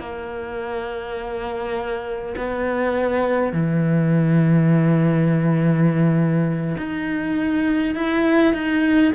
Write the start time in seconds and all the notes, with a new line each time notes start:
0.00 A#3
2.37 B3
3.53 E3
6.78 D#4
7.95 E4
8.53 D#4